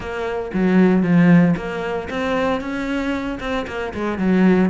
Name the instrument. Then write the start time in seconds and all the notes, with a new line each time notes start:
cello
0.00 A#3
0.53 F#3
1.02 F3
1.56 A#3
2.10 C4
2.60 C#4
3.40 C4
3.67 A#3
3.93 G#3
4.18 F#3